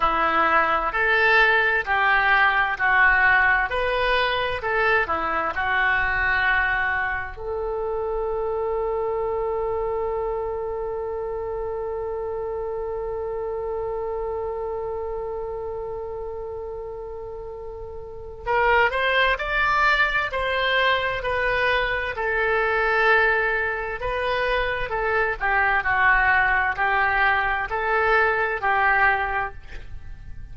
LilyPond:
\new Staff \with { instrumentName = "oboe" } { \time 4/4 \tempo 4 = 65 e'4 a'4 g'4 fis'4 | b'4 a'8 e'8 fis'2 | a'1~ | a'1~ |
a'1 | ais'8 c''8 d''4 c''4 b'4 | a'2 b'4 a'8 g'8 | fis'4 g'4 a'4 g'4 | }